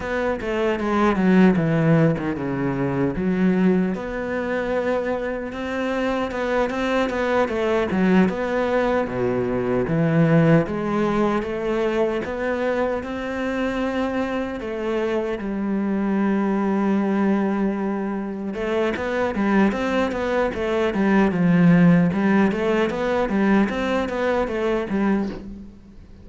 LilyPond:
\new Staff \with { instrumentName = "cello" } { \time 4/4 \tempo 4 = 76 b8 a8 gis8 fis8 e8. dis16 cis4 | fis4 b2 c'4 | b8 c'8 b8 a8 fis8 b4 b,8~ | b,8 e4 gis4 a4 b8~ |
b8 c'2 a4 g8~ | g2.~ g8 a8 | b8 g8 c'8 b8 a8 g8 f4 | g8 a8 b8 g8 c'8 b8 a8 g8 | }